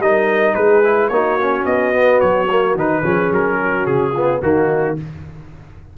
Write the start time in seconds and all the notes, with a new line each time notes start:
0.00 G3 D#4 A#4 D#5
0.55 G#3 G#4 B4
0.84 E4
1.09 A#3 D#4 F#4 C#5
1.41 C#4
1.65 B3 D#5
1.94 B3
2.21 F#3 C#5
2.50 A#3
2.75 D#3 D#4 B4
3.03 F3 C#4 G#4
3.32 F#3 A#4
3.61 F#4
3.87 C#3 G#4
4.13 B3 F4
4.41 D#3 A#3 D#4 F#4